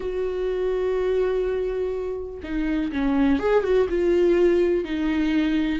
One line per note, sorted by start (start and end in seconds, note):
0.00 2.40 F#4
2.43 2.91 D#4
2.91 3.39 C#4
3.39 3.63 G#4
3.63 3.87 F#4
3.89 4.84 F4
4.84 5.79 D#4